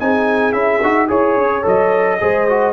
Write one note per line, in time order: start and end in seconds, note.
0.00 0.53 C4
0.00 0.53 D#4
0.00 1.08 G#4
0.00 0.53 G#5
0.53 0.80 C#4
0.53 0.80 E4
0.53 1.08 E5
0.83 1.10 D#4
0.83 1.08 F#4
1.08 1.37 E4
1.08 1.63 G#4
1.08 2.18 C#5
1.08 1.65 C#5
1.37 1.65 C#4
1.63 2.22 F#3
1.63 2.18 A4
1.63 2.74 D#5
2.21 2.74 G#3
2.21 2.48 G#4
2.21 2.74 C5
2.50 2.74 F#4